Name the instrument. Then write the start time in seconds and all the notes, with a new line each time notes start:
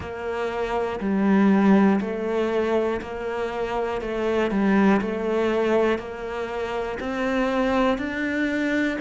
cello
0.00 A#3
1.00 G3
2.00 A3
3.01 A#3
4.00 A3
4.50 G3
5.01 A3
5.98 A#3
7.00 C4
7.97 D4